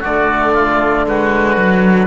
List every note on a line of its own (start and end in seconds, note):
0.00 2.07 D3
0.00 1.06 A3
0.00 0.52 F#4
0.00 1.07 D5
0.54 1.05 F4
1.06 1.58 G#3
1.06 2.07 F#4
1.06 2.07 B4
1.58 2.07 F#3